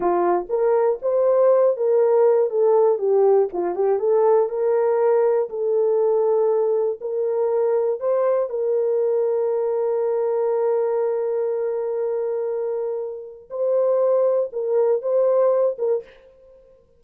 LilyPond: \new Staff \with { instrumentName = "horn" } { \time 4/4 \tempo 4 = 120 f'4 ais'4 c''4. ais'8~ | ais'4 a'4 g'4 f'8 g'8 | a'4 ais'2 a'4~ | a'2 ais'2 |
c''4 ais'2.~ | ais'1~ | ais'2. c''4~ | c''4 ais'4 c''4. ais'8 | }